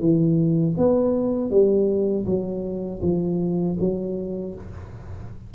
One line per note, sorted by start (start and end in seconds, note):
0.00 0.75 E3
0.77 1.50 B3
1.50 2.25 G3
2.26 3.01 F#3
3.02 3.77 F3
3.79 4.54 F#3